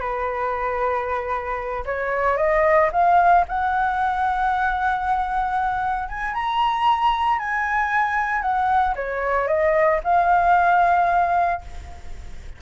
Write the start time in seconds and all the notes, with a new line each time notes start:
0.00 B4
1.85 C#5
2.37 D#5
2.92 F5
3.48 F#5
6.08 G#5
6.34 A#5
7.38 G#5
8.42 F#5
8.95 C#5
9.47 D#5
10.03 F5